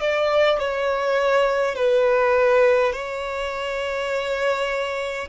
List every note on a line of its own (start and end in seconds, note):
0.00 0.58 D5
0.58 1.75 C#5
1.75 2.93 B4
2.93 5.28 C#5